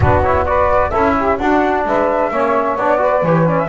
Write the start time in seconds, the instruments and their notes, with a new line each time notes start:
0.00 double bass B3, trombone D4, saxophone F#4, flute B4
0.21 trombone E4, flute C#5
0.45 trombone F#4, saxophone B4, flute D5
0.90 double bass C#4, trombone E4, saxophone A4, flute E5
1.18 saxophone G4
1.37 double bass D4, trombone D4, saxophone F#4, flute F#5
1.85 double bass G#3, saxophone B4, flute E5
2.30 double bass A#3, trombone C#4, saxophone C#5
2.76 double bass B3, trombone D4, flute D5
2.98 trombone F#4, saxophone B4
3.22 double bass E3, trombone G4, flute C#5
3.46 trombone C#4, flute D5
3.58 flute E5